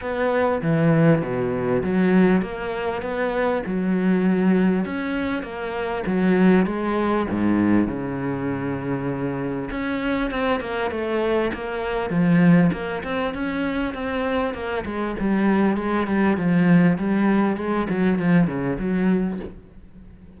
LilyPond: \new Staff \with { instrumentName = "cello" } { \time 4/4 \tempo 4 = 99 b4 e4 b,4 fis4 | ais4 b4 fis2 | cis'4 ais4 fis4 gis4 | gis,4 cis2. |
cis'4 c'8 ais8 a4 ais4 | f4 ais8 c'8 cis'4 c'4 | ais8 gis8 g4 gis8 g8 f4 | g4 gis8 fis8 f8 cis8 fis4 | }